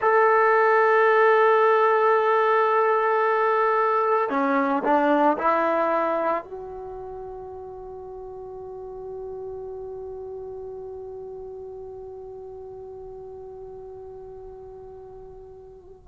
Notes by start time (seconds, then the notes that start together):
0.01 A4
4.29 C#4
4.83 D4
5.38 E4
6.43 F#4